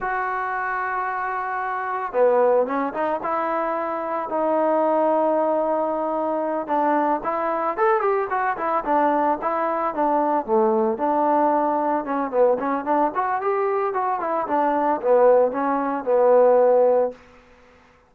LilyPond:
\new Staff \with { instrumentName = "trombone" } { \time 4/4 \tempo 4 = 112 fis'1 | b4 cis'8 dis'8 e'2 | dis'1~ | dis'8 d'4 e'4 a'8 g'8 fis'8 |
e'8 d'4 e'4 d'4 a8~ | a8 d'2 cis'8 b8 cis'8 | d'8 fis'8 g'4 fis'8 e'8 d'4 | b4 cis'4 b2 | }